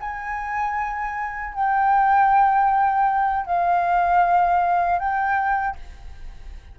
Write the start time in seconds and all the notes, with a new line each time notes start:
0.00 G#5
1.53 G5
3.45 F5
4.99 G5